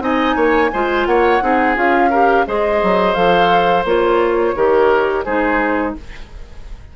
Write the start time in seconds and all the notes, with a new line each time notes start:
0.00 C4 D#4 D#5 G#5
0.36 A#3 C#5
0.73 G#3 F4 C5
1.06 A#3 C#5 F#5
1.41 C4 D#4 G#4
1.75 C#4 F4 F5
2.10 G4 A#4
2.46 G#3 G#4 C5 D#5
2.83 F#3
3.14 F3 A4 F5
3.84 A#3 F4 C#5
4.55 D#3 G4 A#4
5.25 G#3 D#4 G#4 C5